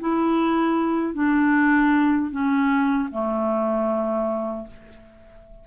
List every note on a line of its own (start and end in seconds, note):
0.00 1.14 E4
1.14 2.31 D4
2.31 3.09 C#4
3.11 4.67 A3